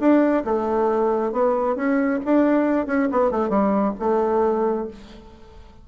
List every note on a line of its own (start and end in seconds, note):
0.00 0.44 D4
0.45 1.32 A3
1.32 1.76 B3
1.76 2.20 C#4
2.25 2.87 D4
2.87 3.09 C#4
3.12 3.31 B3
3.31 3.50 A3
3.50 3.94 G3
4.00 4.88 A3